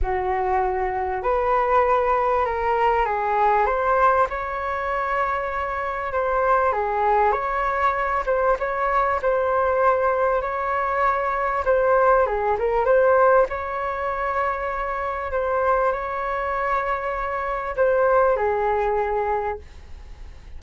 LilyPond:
\new Staff \with { instrumentName = "flute" } { \time 4/4 \tempo 4 = 98 fis'2 b'2 | ais'4 gis'4 c''4 cis''4~ | cis''2 c''4 gis'4 | cis''4. c''8 cis''4 c''4~ |
c''4 cis''2 c''4 | gis'8 ais'8 c''4 cis''2~ | cis''4 c''4 cis''2~ | cis''4 c''4 gis'2 | }